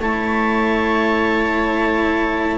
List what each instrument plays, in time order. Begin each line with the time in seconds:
0.00 double bass A3, cello E4, viola C#5, clarinet A5